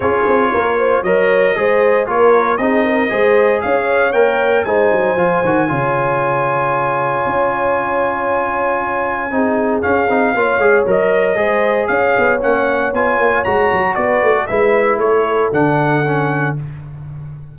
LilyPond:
<<
  \new Staff \with { instrumentName = "trumpet" } { \time 4/4 \tempo 4 = 116 cis''2 dis''2 | cis''4 dis''2 f''4 | g''4 gis''2.~ | gis''1~ |
gis''2. f''4~ | f''4 dis''2 f''4 | fis''4 gis''4 ais''4 d''4 | e''4 cis''4 fis''2 | }
  \new Staff \with { instrumentName = "horn" } { \time 4/4 gis'4 ais'8 c''8 cis''4 c''4 | ais'4 gis'8 ais'8 c''4 cis''4~ | cis''4 c''2 cis''4~ | cis''1~ |
cis''2 gis'2 | cis''2 c''4 cis''4~ | cis''2. b'8. a'16 | b'4 a'2. | }
  \new Staff \with { instrumentName = "trombone" } { \time 4/4 f'2 ais'4 gis'4 | f'4 dis'4 gis'2 | ais'4 dis'4 f'8 fis'8 f'4~ | f'1~ |
f'2 dis'4 cis'8 dis'8 | f'8 gis'8 ais'4 gis'2 | cis'4 f'4 fis'2 | e'2 d'4 cis'4 | }
  \new Staff \with { instrumentName = "tuba" } { \time 4/4 cis'8 c'8 ais4 fis4 gis4 | ais4 c'4 gis4 cis'4 | ais4 gis8 fis8 f8 dis8 cis4~ | cis2 cis'2~ |
cis'2 c'4 cis'8 c'8 | ais8 gis8 fis4 gis4 cis'8 b8 | ais4 b8 ais8 gis8 fis8 b8 a8 | gis4 a4 d2 | }
>>